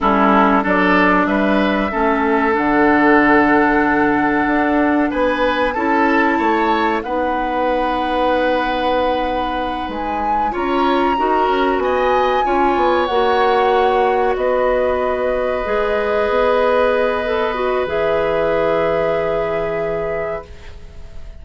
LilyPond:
<<
  \new Staff \with { instrumentName = "flute" } { \time 4/4 \tempo 4 = 94 a'4 d''4 e''2 | fis''1 | gis''4 a''2 fis''4~ | fis''2.~ fis''8 gis''8~ |
gis''8 ais''2 gis''4.~ | gis''8 fis''2 dis''4.~ | dis''1 | e''1 | }
  \new Staff \with { instrumentName = "oboe" } { \time 4/4 e'4 a'4 b'4 a'4~ | a'1 | b'4 a'4 cis''4 b'4~ | b'1~ |
b'8 cis''4 ais'4 dis''4 cis''8~ | cis''2~ cis''8 b'4.~ | b'1~ | b'1 | }
  \new Staff \with { instrumentName = "clarinet" } { \time 4/4 cis'4 d'2 cis'4 | d'1~ | d'4 e'2 dis'4~ | dis'1~ |
dis'8 f'4 fis'2 f'8~ | f'8 fis'2.~ fis'8~ | fis'8 gis'2~ gis'8 a'8 fis'8 | gis'1 | }
  \new Staff \with { instrumentName = "bassoon" } { \time 4/4 g4 fis4 g4 a4 | d2. d'4 | b4 cis'4 a4 b4~ | b2.~ b8 gis8~ |
gis8 cis'4 dis'8 cis'8 b4 cis'8 | b8 ais2 b4.~ | b8 gis4 b2~ b8 | e1 | }
>>